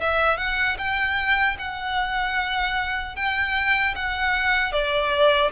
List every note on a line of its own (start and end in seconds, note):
0.00 0.37 E5
0.37 0.77 F#5
0.78 1.57 G5
1.58 3.15 F#5
3.15 3.94 G5
3.95 4.72 F#5
4.72 5.51 D5